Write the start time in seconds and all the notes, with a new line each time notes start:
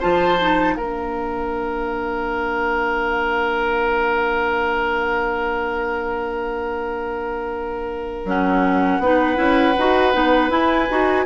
0.00 F3 F4 C5 A5
0.41 D#4
0.75 A#3 D4 A#4 F5
8.25 F#3 C#4 F#5
8.99 B3 D#4 B4
9.36 C#4 E4
9.79 D#4 F#4
10.13 B3 D#4
10.50 E4 G#5
10.90 D#4 F#4